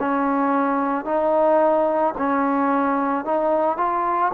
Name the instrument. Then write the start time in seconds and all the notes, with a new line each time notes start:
trombone
0.00 C#4
1.05 D#4
2.18 C#4
3.25 D#4
3.77 F4